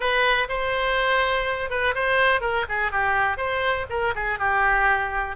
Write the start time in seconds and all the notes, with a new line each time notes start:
0.00 B4
0.48 C5
1.70 B4
1.94 C5
2.41 A#4
2.69 G#4
2.91 G4
3.37 C5
3.89 A#4
4.15 G#4
4.39 G4